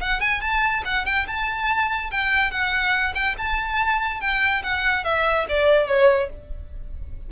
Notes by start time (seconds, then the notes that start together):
0.00 F#5
0.20 G#5
0.41 A5
0.85 F#5
1.05 G5
1.26 A5
2.11 G5
2.51 F#5
3.14 G5
3.37 A5
4.21 G5
4.63 F#5
5.04 E5
5.49 D5
5.87 C#5